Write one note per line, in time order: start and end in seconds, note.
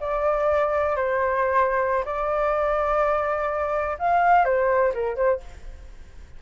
0.00 0.96 D5
0.96 2.04 C5
2.05 3.97 D5
3.98 4.44 F5
4.44 4.92 C5
4.94 5.16 A#4
5.16 5.40 C5